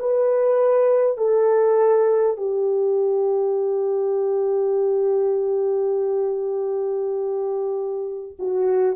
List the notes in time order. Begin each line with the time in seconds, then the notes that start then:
0.00 B4
1.18 A4
2.38 G4
8.39 F#4